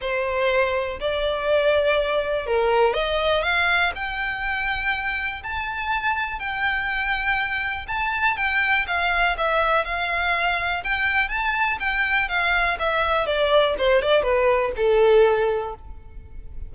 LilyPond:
\new Staff \with { instrumentName = "violin" } { \time 4/4 \tempo 4 = 122 c''2 d''2~ | d''4 ais'4 dis''4 f''4 | g''2. a''4~ | a''4 g''2. |
a''4 g''4 f''4 e''4 | f''2 g''4 a''4 | g''4 f''4 e''4 d''4 | c''8 d''8 b'4 a'2 | }